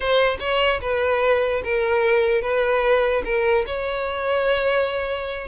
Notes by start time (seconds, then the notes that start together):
0.00 C5
0.39 C#5
0.81 B4
1.63 A#4
2.41 B4
3.24 A#4
3.66 C#5